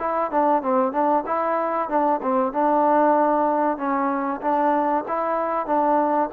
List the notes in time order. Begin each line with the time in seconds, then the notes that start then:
0.00 E4
0.31 D4
0.63 C4
0.93 D4
1.27 E4
1.89 D4
2.22 C4
2.53 D4
3.78 C#4
4.42 D4
5.08 E4
5.67 D4